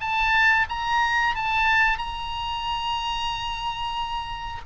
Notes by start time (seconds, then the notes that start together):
0.00 A5
0.69 A#5
1.35 A5
1.98 A#5